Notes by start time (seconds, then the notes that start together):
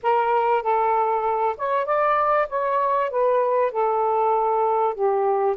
0.03 A#4
0.62 A4
1.57 C#5
1.85 D5
2.49 C#5
3.10 B4
3.71 A4
4.94 G4